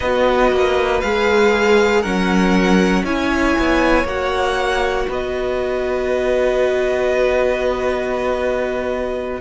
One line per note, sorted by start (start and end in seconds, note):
0.00 0.51 B3
0.00 1.03 F#4
0.00 2.00 B4
0.00 1.00 D#5
0.51 1.02 A#3
1.00 2.04 G#3
1.00 2.05 G#4
1.00 2.02 F5
2.00 3.03 F#3
2.00 3.05 C#4
2.00 3.02 A#4
2.00 3.04 F#5
3.03 3.54 C#4
3.03 4.06 E4
3.03 5.07 C#5
3.03 4.07 G#5
3.58 4.04 B3
4.04 5.06 A#3
4.04 9.40 F#4
4.04 5.09 F#5
5.08 9.40 B3
5.08 9.40 B4
5.08 9.40 D#5